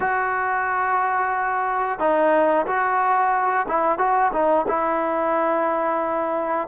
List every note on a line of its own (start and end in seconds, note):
0.00 1.99 F#4
1.99 2.65 D#4
2.66 3.66 F#4
3.68 3.98 E4
3.98 4.32 F#4
4.32 4.66 D#4
4.68 6.68 E4